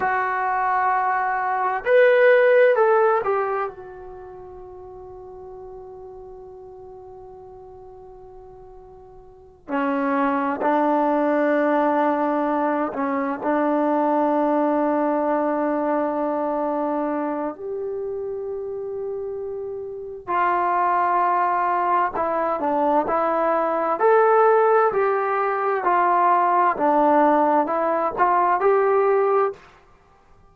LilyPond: \new Staff \with { instrumentName = "trombone" } { \time 4/4 \tempo 4 = 65 fis'2 b'4 a'8 g'8 | fis'1~ | fis'2~ fis'8 cis'4 d'8~ | d'2 cis'8 d'4.~ |
d'2. g'4~ | g'2 f'2 | e'8 d'8 e'4 a'4 g'4 | f'4 d'4 e'8 f'8 g'4 | }